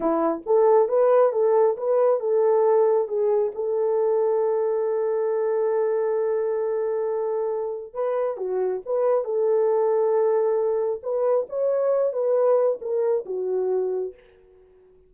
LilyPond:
\new Staff \with { instrumentName = "horn" } { \time 4/4 \tempo 4 = 136 e'4 a'4 b'4 a'4 | b'4 a'2 gis'4 | a'1~ | a'1~ |
a'2 b'4 fis'4 | b'4 a'2.~ | a'4 b'4 cis''4. b'8~ | b'4 ais'4 fis'2 | }